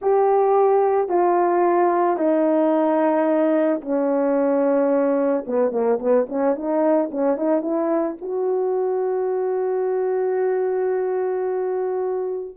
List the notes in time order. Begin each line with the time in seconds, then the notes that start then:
0.01 G4
1.09 F4
2.17 D#4
3.81 C#4
5.46 B3
5.71 A#3
5.99 B3
6.28 C#4
6.55 D#4
7.11 C#4
7.37 D#4
7.61 E4
8.21 F#4